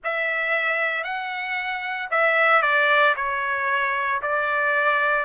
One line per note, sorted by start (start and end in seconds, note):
0.03 1.03 E5
1.03 2.08 F#5
2.11 2.62 E5
2.62 3.14 D5
3.16 4.21 C#5
4.22 5.25 D5